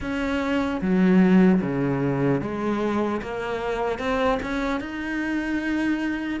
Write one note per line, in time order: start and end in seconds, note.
0.00 0.80 C#4
0.81 1.61 F#3
1.61 2.41 C#3
2.41 3.21 G#3
3.21 3.99 A#3
3.99 4.39 C4
4.42 4.80 C#4
4.80 6.40 D#4